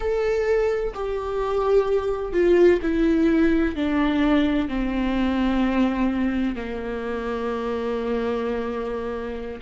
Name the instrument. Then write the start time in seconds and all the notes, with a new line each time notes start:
viola
0.00 A4
0.94 G4
2.32 F4
2.82 E4
3.75 D4
4.68 C4
6.55 A#3